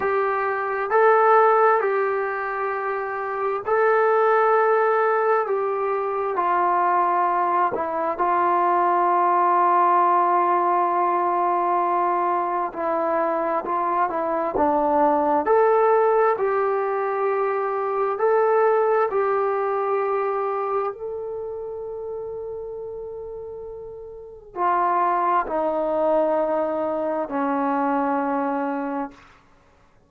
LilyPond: \new Staff \with { instrumentName = "trombone" } { \time 4/4 \tempo 4 = 66 g'4 a'4 g'2 | a'2 g'4 f'4~ | f'8 e'8 f'2.~ | f'2 e'4 f'8 e'8 |
d'4 a'4 g'2 | a'4 g'2 a'4~ | a'2. f'4 | dis'2 cis'2 | }